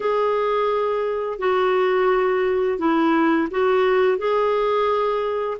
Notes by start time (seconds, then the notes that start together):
0.00 G#4
1.38 F#4
2.78 E4
3.51 F#4
4.18 G#4